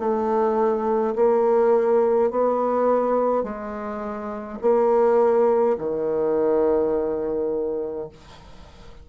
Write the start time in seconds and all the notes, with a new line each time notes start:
0.00 A3
1.16 A#3
2.31 B3
3.44 G#3
4.62 A#3
5.79 D#3